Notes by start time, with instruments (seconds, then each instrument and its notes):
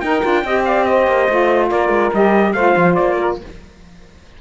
0.00 cello D#4, saxophone D#4 A#4, trumpet G5
0.22 cello D4, saxophone F4
0.44 cello C4, saxophone G4 D#5
0.65 saxophone D5, trumpet F5
0.85 saxophone C5, trumpet D#5
1.07 cello A#3
1.29 cello A3, saxophone F4
1.69 cello A#3, saxophone A#4, trumpet D5
1.89 cello G#3
2.13 cello G3, saxophone G4, trumpet D#5
2.53 cello A3, saxophone F4 C5, trumpet F5
2.77 cello F3
2.95 cello A#3, trumpet D5
3.19 saxophone A#4